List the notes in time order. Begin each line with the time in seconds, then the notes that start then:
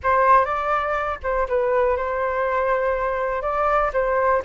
0.03 C5
0.45 D5
1.23 C5
1.48 B4
1.96 C5
3.42 D5
3.93 C5